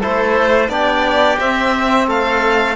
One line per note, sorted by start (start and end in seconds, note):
0.00 0.69 A3
0.00 0.69 E4
0.00 0.69 A4
0.00 0.69 C5
0.69 1.38 B3
0.69 1.38 D4
0.69 2.07 G4
0.69 1.38 D5
1.39 2.75 C4
1.39 2.07 C4
1.39 2.08 E5
2.07 2.75 A3
2.07 2.75 A4
2.07 2.75 F5